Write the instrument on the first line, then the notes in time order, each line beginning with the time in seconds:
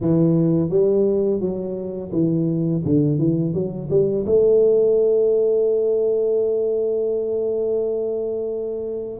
tuba
0.00 E3
0.69 G3
1.40 F#3
2.11 E3
2.84 D3
3.18 E3
3.53 F#3
3.90 G3
4.25 A3